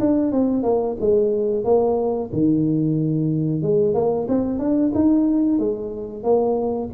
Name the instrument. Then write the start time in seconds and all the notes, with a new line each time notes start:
tuba
0.00 D4
0.32 C4
0.63 A#3
1.00 G#3
1.65 A#3
2.33 D#3
3.62 G#3
3.94 A#3
4.28 C4
4.59 D4
4.95 D#4
5.59 G#3
6.23 A#3